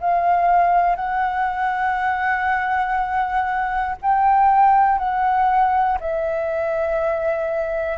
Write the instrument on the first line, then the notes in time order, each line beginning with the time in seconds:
flute
0.00 F5
0.95 F#5
4.01 G5
4.98 F#5
6.00 E5